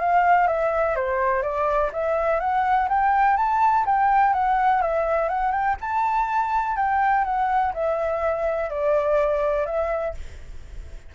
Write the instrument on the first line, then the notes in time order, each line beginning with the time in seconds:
flute
0.00 F5
0.48 E5
0.96 C5
1.43 D5
1.93 E5
2.40 F#5
2.89 G5
3.37 A5
3.86 G5
4.34 F#5
4.82 E5
5.29 F#5
5.52 G5
5.81 A5
6.77 G5
7.25 F#5
7.74 E5
8.70 D5
9.67 E5